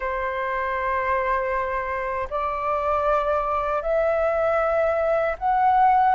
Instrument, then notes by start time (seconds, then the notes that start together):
flute
0.00 C5
2.29 D5
3.81 E5
5.38 F#5